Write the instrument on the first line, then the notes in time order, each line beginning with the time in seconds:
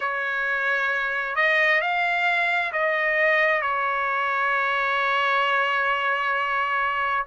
trumpet
0.00 C#5
1.35 D#5
1.81 F5
2.72 D#5
3.61 C#5